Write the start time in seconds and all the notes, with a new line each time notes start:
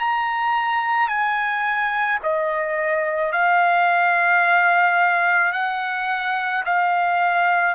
0.00 A#5
1.09 G#5
2.23 D#5
3.33 F5
5.53 F#5
6.66 F5